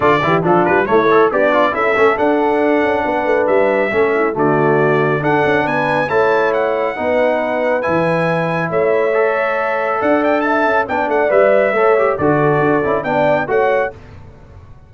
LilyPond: <<
  \new Staff \with { instrumentName = "trumpet" } { \time 4/4 \tempo 4 = 138 d''4 a'8 b'8 cis''4 d''4 | e''4 fis''2. | e''2 d''2 | fis''4 gis''4 a''4 fis''4~ |
fis''2 gis''2 | e''2. fis''8 g''8 | a''4 g''8 fis''8 e''2 | d''2 g''4 fis''4 | }
  \new Staff \with { instrumentName = "horn" } { \time 4/4 a'8 g'8 f'4 e'4 d'4 | a'2. b'4~ | b'4 a'8 e'8 fis'2 | a'4 b'4 cis''2 |
b'1 | cis''2. d''4 | e''4 d''2 cis''4 | a'2 d''4 cis''4 | }
  \new Staff \with { instrumentName = "trombone" } { \time 4/4 f'8 e'8 d'4 a8 a'8 g'8 f'8 | e'8 cis'8 d'2.~ | d'4 cis'4 a2 | d'2 e'2 |
dis'2 e'2~ | e'4 a'2.~ | a'4 d'4 b'4 a'8 g'8 | fis'4. e'8 d'4 fis'4 | }
  \new Staff \with { instrumentName = "tuba" } { \time 4/4 d8 e8 f8 g8 a4 b4 | cis'8 a8 d'4. cis'8 b8 a8 | g4 a4 d2 | d'8 cis'8 b4 a2 |
b2 e2 | a2. d'4~ | d'8 cis'8 b8 a8 g4 a4 | d4 d'8 cis'8 b4 a4 | }
>>